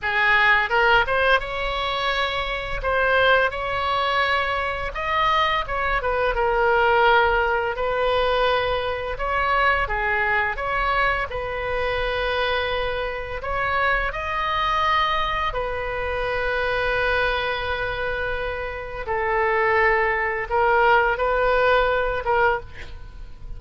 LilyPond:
\new Staff \with { instrumentName = "oboe" } { \time 4/4 \tempo 4 = 85 gis'4 ais'8 c''8 cis''2 | c''4 cis''2 dis''4 | cis''8 b'8 ais'2 b'4~ | b'4 cis''4 gis'4 cis''4 |
b'2. cis''4 | dis''2 b'2~ | b'2. a'4~ | a'4 ais'4 b'4. ais'8 | }